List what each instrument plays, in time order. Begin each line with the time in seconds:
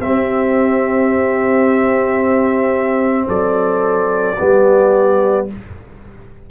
0.00 trombone C4, tuba C4, horn G4, trumpet E5
3.27 tuba F#3, horn A4, trumpet D5
4.37 tuba G3, trombone B3, horn G4